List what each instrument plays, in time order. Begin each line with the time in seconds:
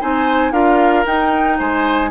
0.00 bassoon C4, clarinet D#4, oboe C5, flute G#5
0.51 bassoon D4, clarinet F4, oboe A#4, flute F5
1.06 bassoon D#4, clarinet D#4, flute G5
1.58 bassoon G#3, oboe C5, flute G#5